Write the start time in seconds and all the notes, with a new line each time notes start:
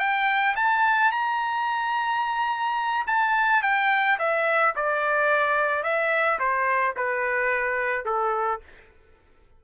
0.00 G5
0.56 A5
1.12 A#5
3.07 A5
3.63 G5
4.19 E5
4.76 D5
5.84 E5
6.39 C5
6.97 B4
8.05 A4